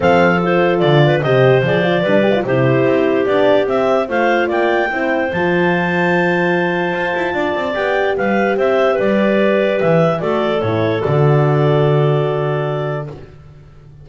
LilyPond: <<
  \new Staff \with { instrumentName = "clarinet" } { \time 4/4 \tempo 4 = 147 f''4 c''4 d''4 dis''4 | d''2 c''2 | d''4 e''4 f''4 g''4~ | g''4 a''2.~ |
a''2. g''4 | f''4 e''4 d''2 | e''4 d''4 cis''4 d''4~ | d''1 | }
  \new Staff \with { instrumentName = "clarinet" } { \time 4/4 a'2~ a'8 b'8 c''4~ | c''4 b'4 g'2~ | g'2 c''4 d''4 | c''1~ |
c''2 d''2 | b'4 c''4 b'2~ | b'4 a'2.~ | a'1 | }
  \new Staff \with { instrumentName = "horn" } { \time 4/4 c'4 f'2 g'4 | gis'8 f'8 d'8 g'16 f'16 e'2 | d'4 c'4 f'2 | e'4 f'2.~ |
f'2. g'4~ | g'1~ | g'4 fis'4 e'4 fis'4~ | fis'1 | }
  \new Staff \with { instrumentName = "double bass" } { \time 4/4 f2 d4 c4 | f4 g4 c4 c'4 | b4 c'4 a4 ais4 | c'4 f2.~ |
f4 f'8 e'8 d'8 c'8 b4 | g4 c'4 g2 | e4 a4 a,4 d4~ | d1 | }
>>